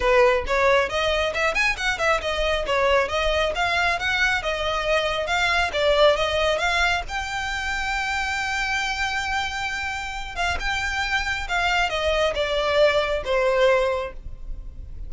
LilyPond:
\new Staff \with { instrumentName = "violin" } { \time 4/4 \tempo 4 = 136 b'4 cis''4 dis''4 e''8 gis''8 | fis''8 e''8 dis''4 cis''4 dis''4 | f''4 fis''4 dis''2 | f''4 d''4 dis''4 f''4 |
g''1~ | g''2.~ g''8 f''8 | g''2 f''4 dis''4 | d''2 c''2 | }